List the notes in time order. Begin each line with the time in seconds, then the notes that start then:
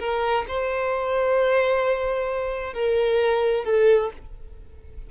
0.00 A#4
0.48 C5
2.74 A#4
3.65 A4